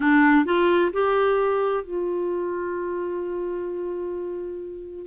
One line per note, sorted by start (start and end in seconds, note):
0.00 0.45 D4
0.45 0.91 F4
0.92 1.83 G4
1.83 5.06 F4